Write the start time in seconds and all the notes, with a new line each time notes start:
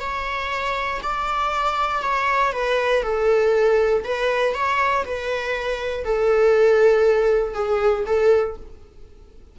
0.00 C#5
1.03 D5
2.02 C#5
2.53 B4
3.03 A4
4.04 B4
4.54 C#5
5.05 B4
6.04 A4
7.54 G#4
8.06 A4